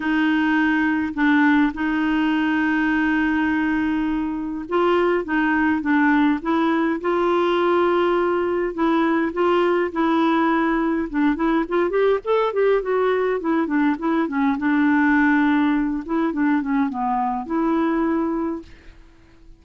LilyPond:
\new Staff \with { instrumentName = "clarinet" } { \time 4/4 \tempo 4 = 103 dis'2 d'4 dis'4~ | dis'1 | f'4 dis'4 d'4 e'4 | f'2. e'4 |
f'4 e'2 d'8 e'8 | f'8 g'8 a'8 g'8 fis'4 e'8 d'8 | e'8 cis'8 d'2~ d'8 e'8 | d'8 cis'8 b4 e'2 | }